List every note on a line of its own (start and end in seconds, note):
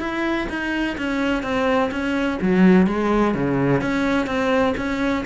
0.00 0.48 E4
0.49 0.97 D#4
0.97 1.43 C#4
1.43 1.90 C4
1.91 2.39 C#4
2.41 2.87 F#3
2.87 3.34 G#3
3.34 3.81 C#3
3.81 4.26 C#4
4.26 4.74 C4
4.77 5.25 C#4